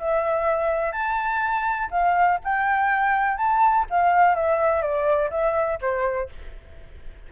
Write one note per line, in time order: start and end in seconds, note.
0.00 0.92 E5
0.92 1.88 A5
1.91 2.39 F5
2.44 3.37 G5
3.37 3.86 A5
3.90 4.35 F5
4.35 4.82 E5
4.82 5.30 D5
5.30 5.79 E5
5.81 6.29 C5